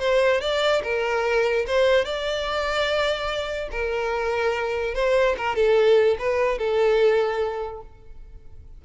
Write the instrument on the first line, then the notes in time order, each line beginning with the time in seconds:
violin
0.00 C5
0.41 D5
0.83 A#4
1.67 C5
2.05 D5
3.72 A#4
4.95 C5
5.38 A#4
5.56 A4
6.19 B4
6.59 A4